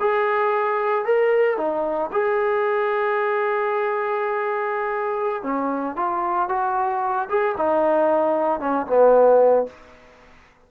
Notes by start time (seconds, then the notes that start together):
0.00 G#4
1.05 A#4
1.57 D#4
2.12 G#4
5.43 C#4
5.96 F4
6.49 F#4
7.29 G#4
7.57 D#4
8.60 C#4
8.87 B3